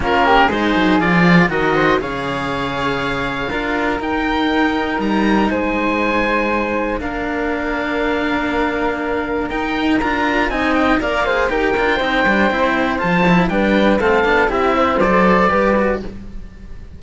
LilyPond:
<<
  \new Staff \with { instrumentName = "oboe" } { \time 4/4 \tempo 4 = 120 ais'4 c''4 d''4 dis''4 | f''1 | g''2 ais''4 gis''4~ | gis''2 f''2~ |
f''2. g''4 | ais''4 gis''8 g''8 f''4 g''4~ | g''2 a''4 g''4 | f''4 e''4 d''2 | }
  \new Staff \with { instrumentName = "flute" } { \time 4/4 f'8 g'8 gis'2 ais'8 c''8 | cis''2. ais'4~ | ais'2. c''4~ | c''2 ais'2~ |
ais'1~ | ais'4 dis''4 d''8 c''8 ais'4 | c''2. b'4 | a'4 g'8 c''4. b'4 | }
  \new Staff \with { instrumentName = "cello" } { \time 4/4 cis'4 dis'4 f'4 fis'4 | gis'2. f'4 | dis'1~ | dis'2 d'2~ |
d'2. dis'4 | f'4 dis'4 ais'8 gis'8 g'8 f'8 | dis'8 d'8 e'4 f'8 e'8 d'4 | c'8 d'8 e'4 a'4 g'8 fis'8 | }
  \new Staff \with { instrumentName = "cello" } { \time 4/4 ais4 gis8 fis8 f4 dis4 | cis2. d'4 | dis'2 g4 gis4~ | gis2 ais2~ |
ais2. dis'4 | d'4 c'4 ais4 dis'8 d'8 | c'8 g8 c'4 f4 g4 | a8 b8 c'4 fis4 g4 | }
>>